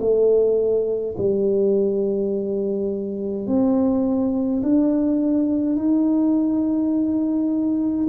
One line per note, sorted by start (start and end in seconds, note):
0.00 1.15 A3
1.18 3.47 G3
3.47 4.63 C4
4.63 5.76 D4
5.76 8.07 D#4